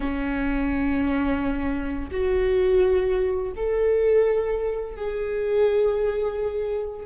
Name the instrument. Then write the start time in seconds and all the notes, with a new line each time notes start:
viola
0.00 C#4
2.11 F#4
3.56 A4
4.96 G#4